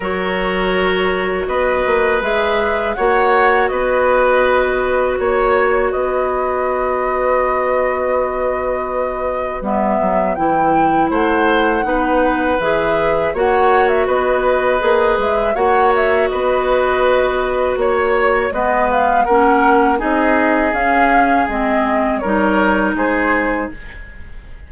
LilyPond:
<<
  \new Staff \with { instrumentName = "flute" } { \time 4/4 \tempo 4 = 81 cis''2 dis''4 e''4 | fis''4 dis''2 cis''4 | dis''1~ | dis''4 e''4 g''4 fis''4~ |
fis''4 e''4 fis''8. e''16 dis''4~ | dis''8 e''8 fis''8 e''8 dis''2 | cis''4 dis''8 f''8 fis''4 dis''4 | f''4 dis''4 cis''4 c''4 | }
  \new Staff \with { instrumentName = "oboe" } { \time 4/4 ais'2 b'2 | cis''4 b'2 cis''4 | b'1~ | b'2. c''4 |
b'2 cis''4 b'4~ | b'4 cis''4 b'2 | cis''4 b'4 ais'4 gis'4~ | gis'2 ais'4 gis'4 | }
  \new Staff \with { instrumentName = "clarinet" } { \time 4/4 fis'2. gis'4 | fis'1~ | fis'1~ | fis'4 b4 e'2 |
dis'4 gis'4 fis'2 | gis'4 fis'2.~ | fis'4 b4 cis'4 dis'4 | cis'4 c'4 dis'2 | }
  \new Staff \with { instrumentName = "bassoon" } { \time 4/4 fis2 b8 ais8 gis4 | ais4 b2 ais4 | b1~ | b4 g8 fis8 e4 a4 |
b4 e4 ais4 b4 | ais8 gis8 ais4 b2 | ais4 gis4 ais4 c'4 | cis'4 gis4 g4 gis4 | }
>>